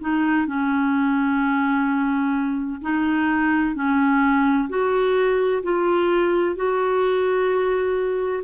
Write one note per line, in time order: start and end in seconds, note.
0.00 0.46 D#4
0.46 2.81 C#4
2.81 3.75 D#4
3.75 4.68 C#4
4.69 5.62 F#4
5.62 6.56 F4
6.56 8.43 F#4